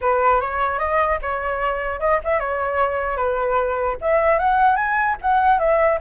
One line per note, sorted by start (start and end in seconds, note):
0.01 0.40 B4
0.40 0.78 C#5
0.78 1.18 D#5
1.22 2.00 C#5
2.00 2.20 D#5
2.24 2.39 E5
2.39 3.16 C#5
3.16 3.96 B4
4.01 4.39 E5
4.39 4.76 F#5
4.76 5.16 G#5
5.21 5.59 F#5
5.59 5.99 E5